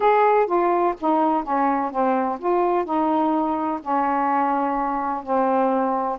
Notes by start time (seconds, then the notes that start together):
0.00 G#4
0.46 F4
1.00 D#4
1.43 C#4
1.91 C4
2.39 F4
2.84 D#4
3.81 C#4
5.23 C4